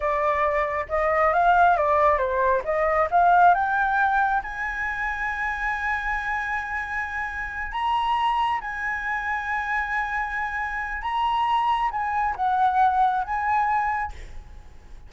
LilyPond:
\new Staff \with { instrumentName = "flute" } { \time 4/4 \tempo 4 = 136 d''2 dis''4 f''4 | d''4 c''4 dis''4 f''4 | g''2 gis''2~ | gis''1~ |
gis''4. ais''2 gis''8~ | gis''1~ | gis''4 ais''2 gis''4 | fis''2 gis''2 | }